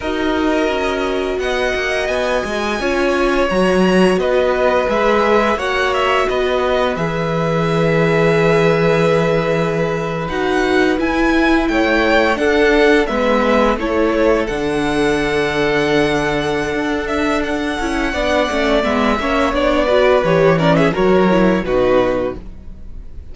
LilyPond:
<<
  \new Staff \with { instrumentName = "violin" } { \time 4/4 \tempo 4 = 86 dis''2 fis''4 gis''4~ | gis''4 ais''4 dis''4 e''4 | fis''8 e''8 dis''4 e''2~ | e''2~ e''8. fis''4 gis''16~ |
gis''8. g''4 fis''4 e''4 cis''16~ | cis''8. fis''2.~ fis''16~ | fis''8 e''8 fis''2 e''4 | d''4 cis''8 d''16 e''16 cis''4 b'4 | }
  \new Staff \with { instrumentName = "violin" } { \time 4/4 ais'2 dis''2 | cis''2 b'2 | cis''4 b'2.~ | b'1~ |
b'8. cis''4 a'4 b'4 a'16~ | a'1~ | a'2 d''4. cis''8~ | cis''8 b'4 ais'16 gis'16 ais'4 fis'4 | }
  \new Staff \with { instrumentName = "viola" } { \time 4/4 fis'1 | f'4 fis'2 gis'4 | fis'2 gis'2~ | gis'2~ gis'8. fis'4 e'16~ |
e'4.~ e'16 d'4 b4 e'16~ | e'8. d'2.~ d'16~ | d'4. e'8 d'8 cis'8 b8 cis'8 | d'8 fis'8 g'8 cis'8 fis'8 e'8 dis'4 | }
  \new Staff \with { instrumentName = "cello" } { \time 4/4 dis'4 cis'4 b8 ais8 b8 gis8 | cis'4 fis4 b4 gis4 | ais4 b4 e2~ | e2~ e8. dis'4 e'16~ |
e'8. a4 d'4 gis4 a16~ | a8. d2.~ d16 | d'4. cis'8 b8 a8 gis8 ais8 | b4 e4 fis4 b,4 | }
>>